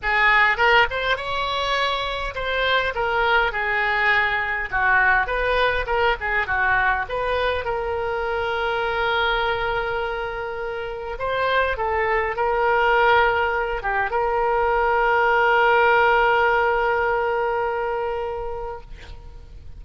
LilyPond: \new Staff \with { instrumentName = "oboe" } { \time 4/4 \tempo 4 = 102 gis'4 ais'8 c''8 cis''2 | c''4 ais'4 gis'2 | fis'4 b'4 ais'8 gis'8 fis'4 | b'4 ais'2.~ |
ais'2. c''4 | a'4 ais'2~ ais'8 g'8 | ais'1~ | ais'1 | }